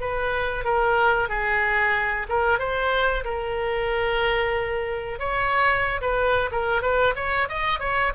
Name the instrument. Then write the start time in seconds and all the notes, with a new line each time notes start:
oboe
0.00 B4
0.64 A#4
1.28 G#4
2.29 A#4
2.58 C5
3.24 A#4
5.19 C#5
6.01 B4
6.51 A#4
6.82 B4
7.15 C#5
7.48 D#5
7.79 C#5